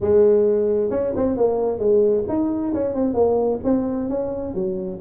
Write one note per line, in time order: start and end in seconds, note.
0.00 0.90 G#3
0.90 1.13 C#4
1.15 1.37 C4
1.37 1.79 A#3
1.79 2.24 G#3
2.28 2.73 D#4
2.74 2.94 C#4
2.94 3.14 C4
3.14 3.59 A#3
3.64 4.09 C4
4.09 4.54 C#4
4.54 4.99 F#3